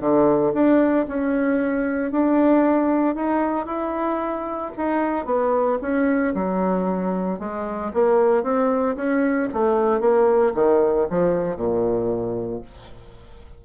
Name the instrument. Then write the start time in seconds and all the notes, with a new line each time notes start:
bassoon
0.00 D3
0.53 D4
1.08 C#4
2.11 D4
3.15 D#4
3.66 E4
4.77 D#4
5.25 B3
5.81 C#4
6.34 F#3
7.39 G#3
7.94 A#3
8.43 C4
8.96 C#4
9.53 A3
10.00 A#3
10.54 D#3
11.10 F3
11.56 A#2